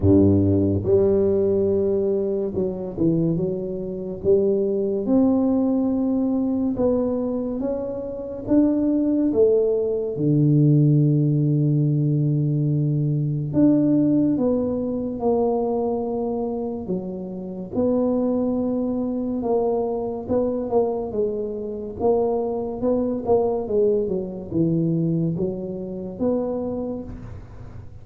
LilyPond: \new Staff \with { instrumentName = "tuba" } { \time 4/4 \tempo 4 = 71 g,4 g2 fis8 e8 | fis4 g4 c'2 | b4 cis'4 d'4 a4 | d1 |
d'4 b4 ais2 | fis4 b2 ais4 | b8 ais8 gis4 ais4 b8 ais8 | gis8 fis8 e4 fis4 b4 | }